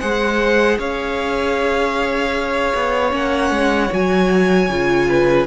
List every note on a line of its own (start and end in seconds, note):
0.00 0.78 G#3
0.00 3.10 G#4
0.00 0.78 C5
0.00 0.78 F#5
0.78 2.73 C#4
0.78 5.07 C#5
0.78 3.13 F5
2.74 3.12 B3
3.10 3.50 A#3
3.10 3.88 C#4
3.10 3.93 F#5
3.50 3.89 G#3
3.91 4.69 F#3
3.91 4.69 F#4
3.91 5.47 G#5
4.69 5.47 C#3
4.69 5.47 F4
5.09 5.47 B4